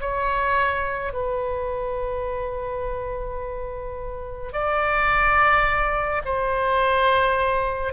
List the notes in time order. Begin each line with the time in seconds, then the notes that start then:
0.00 C#5
1.13 B4
4.52 D5
6.25 C5